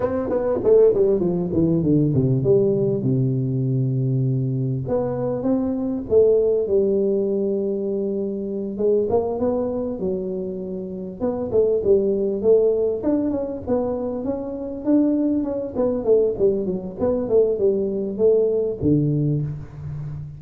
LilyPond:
\new Staff \with { instrumentName = "tuba" } { \time 4/4 \tempo 4 = 99 c'8 b8 a8 g8 f8 e8 d8 c8 | g4 c2. | b4 c'4 a4 g4~ | g2~ g8 gis8 ais8 b8~ |
b8 fis2 b8 a8 g8~ | g8 a4 d'8 cis'8 b4 cis'8~ | cis'8 d'4 cis'8 b8 a8 g8 fis8 | b8 a8 g4 a4 d4 | }